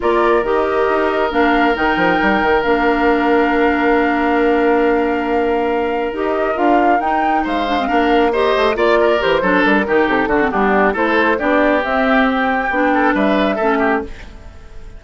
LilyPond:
<<
  \new Staff \with { instrumentName = "flute" } { \time 4/4 \tempo 4 = 137 d''4 dis''2 f''4 | g''2 f''2~ | f''1~ | f''2 dis''4 f''4 |
g''4 f''2 dis''4 | d''4 c''4 ais'4 a'4 | g'4 c''4 d''4 e''4 | g''2 e''2 | }
  \new Staff \with { instrumentName = "oboe" } { \time 4/4 ais'1~ | ais'1~ | ais'1~ | ais'1~ |
ais'4 c''4 ais'4 c''4 | d''8 ais'4 a'4 g'4 fis'8 | d'4 a'4 g'2~ | g'4. a'8 b'4 a'8 g'8 | }
  \new Staff \with { instrumentName = "clarinet" } { \time 4/4 f'4 g'2 d'4 | dis'2 d'2~ | d'1~ | d'2 g'4 f'4 |
dis'4. d'16 c'16 d'4 g'4 | f'4 g'8 d'4 dis'4 d'16 c'16 | b4 e'4 d'4 c'4~ | c'4 d'2 cis'4 | }
  \new Staff \with { instrumentName = "bassoon" } { \time 4/4 ais4 dis4 dis'4 ais4 | dis8 f8 g8 dis8 ais2~ | ais1~ | ais2 dis'4 d'4 |
dis'4 gis4 ais4. a8 | ais4 e8 fis8 g8 dis8 c8 d8 | g4 a4 b4 c'4~ | c'4 b4 g4 a4 | }
>>